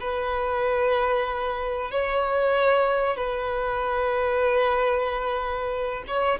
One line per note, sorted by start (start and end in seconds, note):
0.00 1.91 B4
1.91 3.17 C#5
3.17 6.04 B4
6.07 6.39 C#5